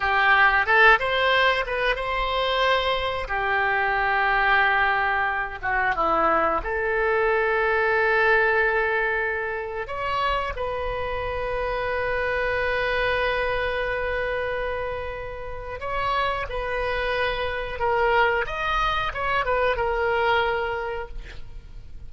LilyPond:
\new Staff \with { instrumentName = "oboe" } { \time 4/4 \tempo 4 = 91 g'4 a'8 c''4 b'8 c''4~ | c''4 g'2.~ | g'8 fis'8 e'4 a'2~ | a'2. cis''4 |
b'1~ | b'1 | cis''4 b'2 ais'4 | dis''4 cis''8 b'8 ais'2 | }